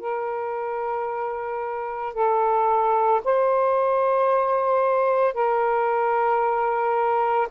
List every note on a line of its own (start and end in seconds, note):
0.00 2.14 A#4
2.14 3.21 A4
3.24 5.34 C5
5.34 7.48 A#4